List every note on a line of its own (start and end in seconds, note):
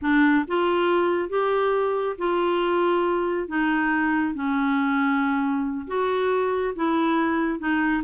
0.01 0.45 D4
0.47 1.29 F4
1.29 2.16 G4
2.18 3.48 F4
3.48 4.34 D#4
4.34 5.86 C#4
5.87 6.74 F#4
6.75 7.59 E4
7.59 8.02 D#4